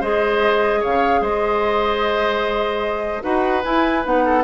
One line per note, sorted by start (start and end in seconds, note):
0.00 0.82 G#3
0.00 3.22 G#4
0.00 0.80 C5
0.00 0.82 D#5
0.80 1.21 C#3
0.80 1.20 C#5
0.80 1.23 F5
1.21 3.22 G#3
1.21 3.23 C5
1.21 3.23 D#5
3.22 3.64 D#4
3.22 3.62 F#4
3.22 4.24 B4
3.22 3.63 F#5
3.64 4.03 E4
3.64 4.05 E4
3.64 4.04 G#5
4.03 4.43 B3
4.03 4.43 D#4
4.03 4.43 F#5
4.25 4.43 A4